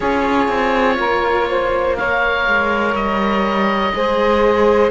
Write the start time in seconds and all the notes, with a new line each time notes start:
0.00 C#4 F4 G#4 C#5
0.48 C4
0.99 A#3 A#4
1.49 C5
1.97 A#4 C#5 F5
2.47 G#3
2.94 G3 D#5
3.94 G#3 G#4 C5